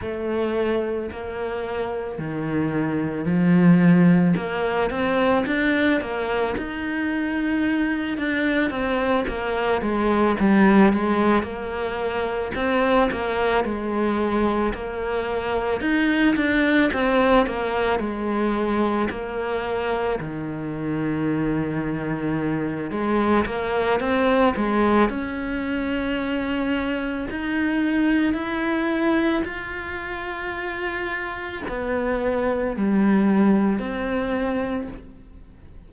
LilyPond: \new Staff \with { instrumentName = "cello" } { \time 4/4 \tempo 4 = 55 a4 ais4 dis4 f4 | ais8 c'8 d'8 ais8 dis'4. d'8 | c'8 ais8 gis8 g8 gis8 ais4 c'8 | ais8 gis4 ais4 dis'8 d'8 c'8 |
ais8 gis4 ais4 dis4.~ | dis4 gis8 ais8 c'8 gis8 cis'4~ | cis'4 dis'4 e'4 f'4~ | f'4 b4 g4 c'4 | }